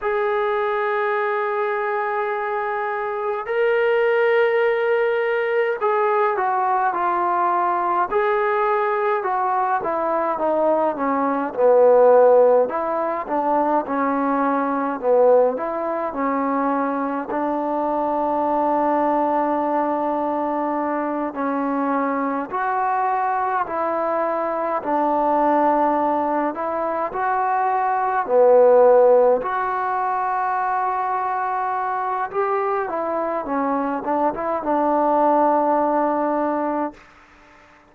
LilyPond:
\new Staff \with { instrumentName = "trombone" } { \time 4/4 \tempo 4 = 52 gis'2. ais'4~ | ais'4 gis'8 fis'8 f'4 gis'4 | fis'8 e'8 dis'8 cis'8 b4 e'8 d'8 | cis'4 b8 e'8 cis'4 d'4~ |
d'2~ d'8 cis'4 fis'8~ | fis'8 e'4 d'4. e'8 fis'8~ | fis'8 b4 fis'2~ fis'8 | g'8 e'8 cis'8 d'16 e'16 d'2 | }